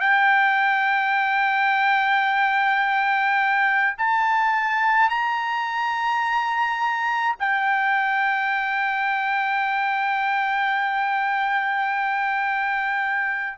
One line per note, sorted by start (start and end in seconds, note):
0.00 3.96 G5
3.98 5.09 A5
5.09 7.36 A#5
7.39 13.57 G5